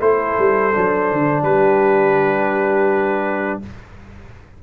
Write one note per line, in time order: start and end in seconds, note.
0.00 0.36 A3
0.00 0.72 E4
0.00 1.45 A4
0.00 1.44 C5
0.39 0.75 G3
0.73 1.12 F#3
0.73 3.63 D4
1.12 1.42 D3
1.42 3.59 G3
1.42 3.61 G4
1.42 3.60 B4